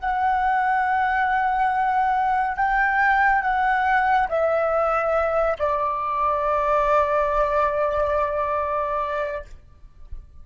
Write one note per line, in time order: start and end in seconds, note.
0.00 2.57 F#5
2.57 3.42 G5
3.42 4.28 F#5
4.29 5.58 E5
5.59 9.45 D5